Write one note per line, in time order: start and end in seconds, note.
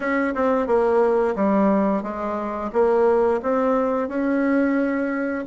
0.00 0.34 C#4
0.34 0.66 C4
0.66 1.35 A#3
1.35 2.02 G3
2.02 2.71 G#3
2.72 3.41 A#3
3.42 4.08 C4
4.08 5.45 C#4